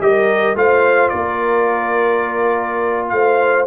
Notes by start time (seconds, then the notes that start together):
0.00 G3 G4 A#4 D#5
0.55 A3 F4 C5 F5
1.08 A#3 A#4 D5
3.09 A3 C5 F5